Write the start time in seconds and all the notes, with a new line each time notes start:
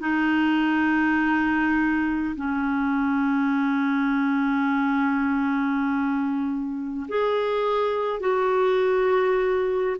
0.00 D#4
2.36 C#4
7.08 G#4
8.20 F#4